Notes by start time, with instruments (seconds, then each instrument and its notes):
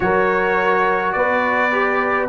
0.00 tuba F#3, trombone F#4, horn A#4, trumpet C#5
1.12 tuba B3, horn B4, trumpet D5
1.71 trombone G4